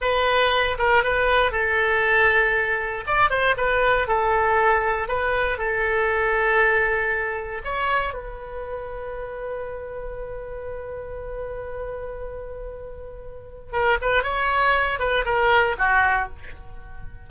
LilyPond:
\new Staff \with { instrumentName = "oboe" } { \time 4/4 \tempo 4 = 118 b'4. ais'8 b'4 a'4~ | a'2 d''8 c''8 b'4 | a'2 b'4 a'4~ | a'2. cis''4 |
b'1~ | b'1~ | b'2. ais'8 b'8 | cis''4. b'8 ais'4 fis'4 | }